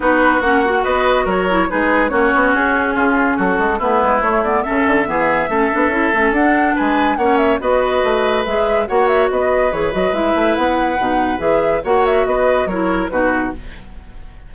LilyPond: <<
  \new Staff \with { instrumentName = "flute" } { \time 4/4 \tempo 4 = 142 b'4 fis''4 dis''4 cis''4 | b'4 cis''4 gis'2 | a'4 b'4 cis''8 d''8 e''4~ | e''2. fis''4 |
gis''4 fis''8 e''8 dis''2 | e''4 fis''8 e''8 dis''4 cis''8 dis''8 | e''4 fis''2 e''4 | fis''8 e''8 dis''4 cis''4 b'4 | }
  \new Staff \with { instrumentName = "oboe" } { \time 4/4 fis'2 b'4 ais'4 | gis'4 fis'2 f'4 | fis'4 e'2 a'4 | gis'4 a'2. |
b'4 cis''4 b'2~ | b'4 cis''4 b'2~ | b'1 | cis''4 b'4 ais'4 fis'4 | }
  \new Staff \with { instrumentName = "clarinet" } { \time 4/4 dis'4 cis'8 fis'2 e'8 | dis'4 cis'2.~ | cis'4 b4 a8 b8 cis'4 | b4 cis'8 d'8 e'8 cis'8 d'4~ |
d'4 cis'4 fis'2 | gis'4 fis'2 gis'8 fis'8 | e'2 dis'4 gis'4 | fis'2 e'4 dis'4 | }
  \new Staff \with { instrumentName = "bassoon" } { \time 4/4 b4 ais4 b4 fis4 | gis4 ais8 b8 cis'4 cis4 | fis8 gis8 a8 gis8 a4 cis8 d8 | e4 a8 b8 cis'8 a8 d'4 |
gis4 ais4 b4 a4 | gis4 ais4 b4 e8 fis8 | gis8 a8 b4 b,4 e4 | ais4 b4 fis4 b,4 | }
>>